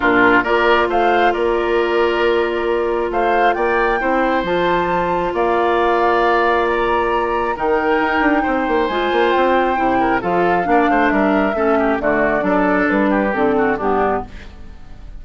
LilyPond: <<
  \new Staff \with { instrumentName = "flute" } { \time 4/4 \tempo 4 = 135 ais'4 d''4 f''4 d''4~ | d''2. f''4 | g''2 a''2 | f''2. ais''4~ |
ais''4 g''2. | gis''4 g''2 f''4~ | f''4 e''2 d''4~ | d''4 b'4 a'4 g'4 | }
  \new Staff \with { instrumentName = "oboe" } { \time 4/4 f'4 ais'4 c''4 ais'4~ | ais'2. c''4 | d''4 c''2. | d''1~ |
d''4 ais'2 c''4~ | c''2~ c''8 ais'8 a'4 | d''8 c''8 ais'4 a'8 g'8 fis'4 | a'4. g'4 fis'8 d'4 | }
  \new Staff \with { instrumentName = "clarinet" } { \time 4/4 d'4 f'2.~ | f'1~ | f'4 e'4 f'2~ | f'1~ |
f'4 dis'2. | f'2 e'4 f'4 | d'2 cis'4 a4 | d'2 c'4 b4 | }
  \new Staff \with { instrumentName = "bassoon" } { \time 4/4 ais,4 ais4 a4 ais4~ | ais2. a4 | ais4 c'4 f2 | ais1~ |
ais4 dis4 dis'8 d'8 c'8 ais8 | gis8 ais8 c'4 c4 f4 | ais8 a8 g4 a4 d4 | fis4 g4 d4 g,4 | }
>>